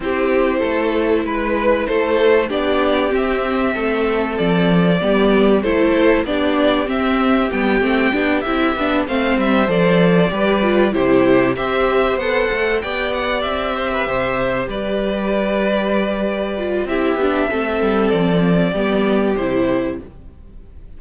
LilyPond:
<<
  \new Staff \with { instrumentName = "violin" } { \time 4/4 \tempo 4 = 96 c''2 b'4 c''4 | d''4 e''2 d''4~ | d''4 c''4 d''4 e''4 | g''4. e''4 f''8 e''8 d''8~ |
d''4. c''4 e''4 fis''8~ | fis''8 g''8 fis''8 e''2 d''8~ | d''2. e''4~ | e''4 d''2 c''4 | }
  \new Staff \with { instrumentName = "violin" } { \time 4/4 g'4 a'4 b'4 a'4 | g'2 a'2 | g'4 a'4 g'2~ | g'2~ g'8 c''4.~ |
c''8 b'4 g'4 c''4.~ | c''8 d''4. c''16 b'16 c''4 b'8~ | b'2. g'4 | a'2 g'2 | }
  \new Staff \with { instrumentName = "viola" } { \time 4/4 e'1 | d'4 c'2. | b4 e'4 d'4 c'4 | b8 c'8 d'8 e'8 d'8 c'4 a'8~ |
a'8 g'8 f'8 e'4 g'4 a'8~ | a'8 g'2.~ g'8~ | g'2~ g'8 f'8 e'8 d'8 | c'2 b4 e'4 | }
  \new Staff \with { instrumentName = "cello" } { \time 4/4 c'4 a4 gis4 a4 | b4 c'4 a4 f4 | g4 a4 b4 c'4 | g8 a8 b8 c'8 b8 a8 g8 f8~ |
f8 g4 c4 c'4 b8 | a8 b4 c'4 c4 g8~ | g2. c'8 b8 | a8 g8 f4 g4 c4 | }
>>